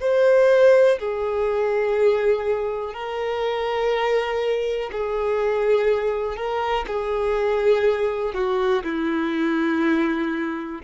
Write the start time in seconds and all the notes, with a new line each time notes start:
0.00 C5
0.99 G#4
2.93 A#4
4.92 G#4
6.36 A#4
6.87 G#4
8.34 F#4
8.83 E4